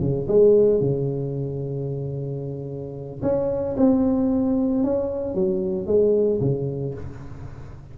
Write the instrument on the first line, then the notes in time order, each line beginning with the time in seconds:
tuba
0.00 C#3
0.28 G#3
0.80 C#3
3.22 C#4
3.77 C4
4.84 C#4
5.34 F#3
5.86 G#3
6.40 C#3